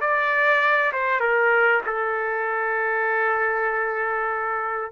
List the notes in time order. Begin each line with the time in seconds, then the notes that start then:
0.00 D5
0.92 C5
1.20 A#4
1.86 A4